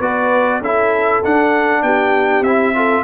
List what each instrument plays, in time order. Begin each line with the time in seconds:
0.00 tuba B3, trombone F#4, horn B4, trumpet D5
0.60 tuba C#4, trombone E4, horn A4, trumpet E5
1.23 trombone D4, tuba D4, trumpet F#5
1.83 tuba B3, horn G4, trumpet G5
2.41 tuba C4, trombone E4, trumpet E5
2.75 trombone F4, horn A4